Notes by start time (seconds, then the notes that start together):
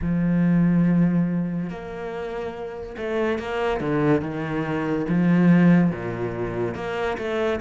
0.01 F3
1.69 A#3
2.97 A3
3.38 A#3
3.80 D3
4.21 D#3
5.08 F3
5.91 A#2
6.75 A#3
7.17 A3